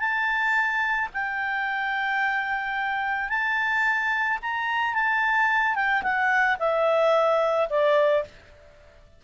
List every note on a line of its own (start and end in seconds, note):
0.00 1.09 A5
1.14 3.30 G5
3.30 4.39 A5
4.42 4.95 A#5
4.95 5.75 A5
5.75 6.03 G5
6.03 6.58 F#5
6.59 7.68 E5
7.70 8.24 D5